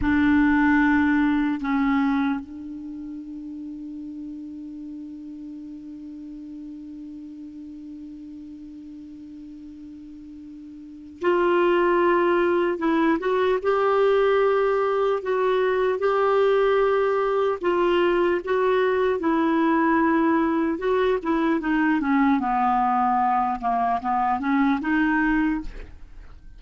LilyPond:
\new Staff \with { instrumentName = "clarinet" } { \time 4/4 \tempo 4 = 75 d'2 cis'4 d'4~ | d'1~ | d'1~ | d'2 f'2 |
e'8 fis'8 g'2 fis'4 | g'2 f'4 fis'4 | e'2 fis'8 e'8 dis'8 cis'8 | b4. ais8 b8 cis'8 dis'4 | }